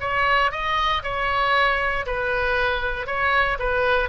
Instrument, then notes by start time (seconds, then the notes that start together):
oboe
0.00 C#5
0.51 D#5
1.03 C#5
2.06 B4
3.07 C#5
3.59 B4